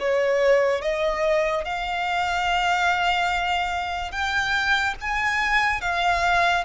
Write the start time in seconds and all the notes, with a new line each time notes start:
0.00 C#5
0.81 D#5
1.65 F5
4.11 G5
5.01 G#5
5.81 F5